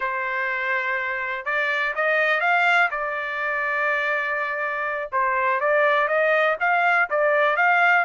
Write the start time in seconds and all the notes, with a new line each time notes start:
0.00 C5
1.45 D5
1.95 D#5
2.40 F5
2.90 D5
5.12 C5
5.60 D5
6.07 D#5
6.60 F5
7.10 D5
7.56 F5